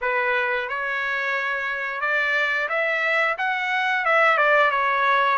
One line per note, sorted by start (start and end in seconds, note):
0.01 0.68 B4
0.68 2.00 C#5
2.00 2.68 D5
2.68 3.36 E5
3.38 4.05 F#5
4.05 4.37 E5
4.37 4.70 D5
4.70 5.37 C#5